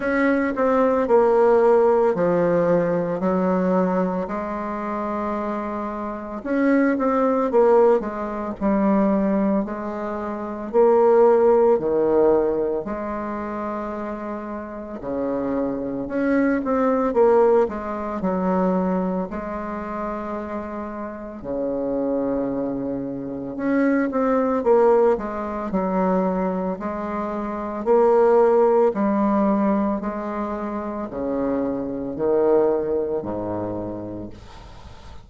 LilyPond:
\new Staff \with { instrumentName = "bassoon" } { \time 4/4 \tempo 4 = 56 cis'8 c'8 ais4 f4 fis4 | gis2 cis'8 c'8 ais8 gis8 | g4 gis4 ais4 dis4 | gis2 cis4 cis'8 c'8 |
ais8 gis8 fis4 gis2 | cis2 cis'8 c'8 ais8 gis8 | fis4 gis4 ais4 g4 | gis4 cis4 dis4 gis,4 | }